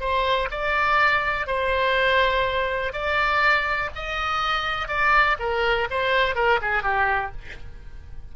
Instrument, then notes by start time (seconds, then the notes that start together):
oboe
0.00 C5
0.51 D5
1.47 C5
2.92 D5
3.95 D#5
4.88 D5
5.39 A#4
5.90 C5
6.35 A#4
6.61 G#4
6.83 G4